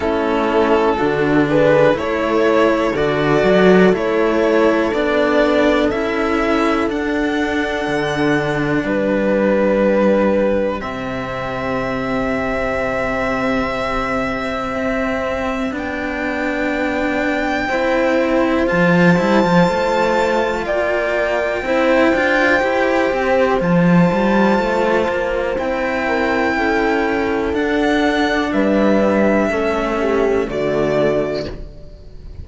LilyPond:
<<
  \new Staff \with { instrumentName = "violin" } { \time 4/4 \tempo 4 = 61 a'4. b'8 cis''4 d''4 | cis''4 d''4 e''4 fis''4~ | fis''4 b'2 e''4~ | e''1 |
g''2. a''4~ | a''4 g''2. | a''2 g''2 | fis''4 e''2 d''4 | }
  \new Staff \with { instrumentName = "horn" } { \time 4/4 e'4 fis'8 gis'8 a'2~ | a'1~ | a'4 g'2.~ | g'1~ |
g'2 c''2~ | c''4 d''4 c''2~ | c''2~ c''8 ais'8 a'4~ | a'4 b'4 a'8 g'8 fis'4 | }
  \new Staff \with { instrumentName = "cello" } { \time 4/4 cis'4 d'4 e'4 fis'4 | e'4 d'4 e'4 d'4~ | d'2. c'4~ | c'1 |
d'2 e'4 f'8 e'16 f'16~ | f'2 e'8 f'8 g'4 | f'2 e'2 | d'2 cis'4 a4 | }
  \new Staff \with { instrumentName = "cello" } { \time 4/4 a4 d4 a4 d8 fis8 | a4 b4 cis'4 d'4 | d4 g2 c4~ | c2. c'4 |
b2 c'4 f8 g16 f16 | a4 ais4 c'8 d'8 e'8 c'8 | f8 g8 a8 ais8 c'4 cis'4 | d'4 g4 a4 d4 | }
>>